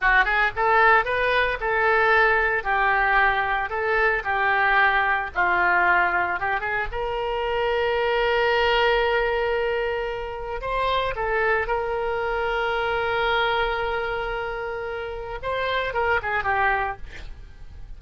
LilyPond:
\new Staff \with { instrumentName = "oboe" } { \time 4/4 \tempo 4 = 113 fis'8 gis'8 a'4 b'4 a'4~ | a'4 g'2 a'4 | g'2 f'2 | g'8 gis'8 ais'2.~ |
ais'1 | c''4 a'4 ais'2~ | ais'1~ | ais'4 c''4 ais'8 gis'8 g'4 | }